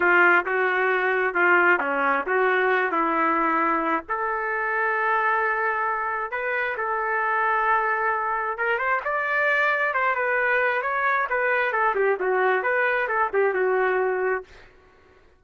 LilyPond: \new Staff \with { instrumentName = "trumpet" } { \time 4/4 \tempo 4 = 133 f'4 fis'2 f'4 | cis'4 fis'4. e'4.~ | e'4 a'2.~ | a'2 b'4 a'4~ |
a'2. ais'8 c''8 | d''2 c''8 b'4. | cis''4 b'4 a'8 g'8 fis'4 | b'4 a'8 g'8 fis'2 | }